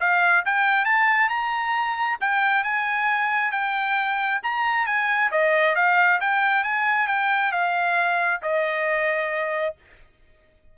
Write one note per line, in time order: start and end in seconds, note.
0.00 0.44 F5
0.45 0.85 G5
0.85 1.29 A5
1.29 2.18 A#5
2.20 2.64 G5
2.64 3.51 G#5
3.51 4.40 G5
4.43 4.86 A#5
4.86 5.31 G#5
5.31 5.75 D#5
5.75 6.19 F5
6.20 6.63 G5
6.63 7.07 G#5
7.07 7.51 G5
7.51 8.40 F5
8.42 9.75 D#5